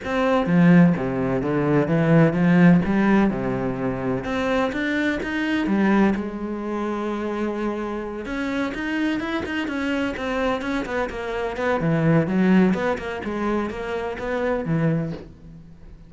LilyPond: \new Staff \with { instrumentName = "cello" } { \time 4/4 \tempo 4 = 127 c'4 f4 c4 d4 | e4 f4 g4 c4~ | c4 c'4 d'4 dis'4 | g4 gis2.~ |
gis4. cis'4 dis'4 e'8 | dis'8 cis'4 c'4 cis'8 b8 ais8~ | ais8 b8 e4 fis4 b8 ais8 | gis4 ais4 b4 e4 | }